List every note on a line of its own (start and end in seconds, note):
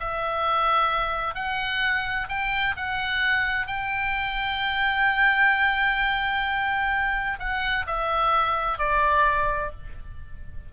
0.00 1.35 E5
1.35 2.28 F#5
2.29 2.76 G5
2.77 3.67 F#5
3.67 7.39 G5
7.40 7.86 F#5
7.87 8.79 E5
8.79 9.72 D5